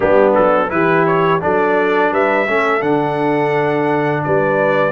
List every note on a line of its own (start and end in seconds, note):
0.00 0.37 G3
0.00 0.69 B3
0.00 0.70 D4
0.00 0.33 G4
0.34 0.71 F#3
0.34 0.70 A4
0.69 1.42 E3
0.69 1.39 E4
0.69 1.42 G4
0.69 1.05 B4
1.06 1.41 C#5
1.40 2.12 F#3
1.40 2.46 D4
1.40 2.12 A4
1.40 2.13 D5
2.12 2.47 G3
2.12 2.47 B4
2.12 2.82 E5
2.47 2.82 A3
2.47 2.80 C#4
2.47 4.24 A4
2.80 4.23 D3
2.80 4.92 D4
2.80 4.23 F#5
4.23 4.92 G3
4.23 4.92 B4
4.23 4.92 D5